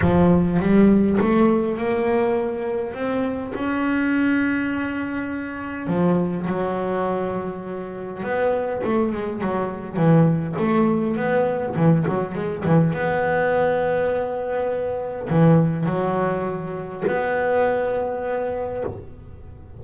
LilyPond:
\new Staff \with { instrumentName = "double bass" } { \time 4/4 \tempo 4 = 102 f4 g4 a4 ais4~ | ais4 c'4 cis'2~ | cis'2 f4 fis4~ | fis2 b4 a8 gis8 |
fis4 e4 a4 b4 | e8 fis8 gis8 e8 b2~ | b2 e4 fis4~ | fis4 b2. | }